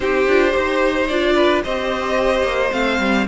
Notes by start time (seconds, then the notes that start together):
0.00 C4 D#4 G4 C5
0.27 D4 F4
0.51 D#4 G4 C5
1.07 D4 F4 D5
1.35 B4
1.63 C4 G4 C5 D#5
2.43 A#3
2.71 A3 C4 F5
2.99 G3